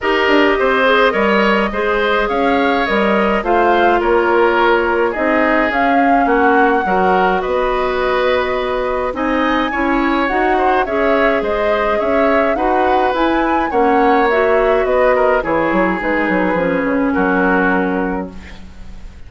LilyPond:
<<
  \new Staff \with { instrumentName = "flute" } { \time 4/4 \tempo 4 = 105 dis''1 | f''4 dis''4 f''4 cis''4~ | cis''4 dis''4 f''4 fis''4~ | fis''4 dis''2. |
gis''2 fis''4 e''4 | dis''4 e''4 fis''4 gis''4 | fis''4 e''4 dis''4 cis''4 | b'2 ais'2 | }
  \new Staff \with { instrumentName = "oboe" } { \time 4/4 ais'4 c''4 cis''4 c''4 | cis''2 c''4 ais'4~ | ais'4 gis'2 fis'4 | ais'4 b'2. |
dis''4 cis''4. c''8 cis''4 | c''4 cis''4 b'2 | cis''2 b'8 ais'8 gis'4~ | gis'2 fis'2 | }
  \new Staff \with { instrumentName = "clarinet" } { \time 4/4 g'4. gis'8 ais'4 gis'4~ | gis'4 ais'4 f'2~ | f'4 dis'4 cis'2 | fis'1 |
dis'4 e'4 fis'4 gis'4~ | gis'2 fis'4 e'4 | cis'4 fis'2 e'4 | dis'4 cis'2. | }
  \new Staff \with { instrumentName = "bassoon" } { \time 4/4 dis'8 d'8 c'4 g4 gis4 | cis'4 g4 a4 ais4~ | ais4 c'4 cis'4 ais4 | fis4 b2. |
c'4 cis'4 dis'4 cis'4 | gis4 cis'4 dis'4 e'4 | ais2 b4 e8 fis8 | gis8 fis8 f8 cis8 fis2 | }
>>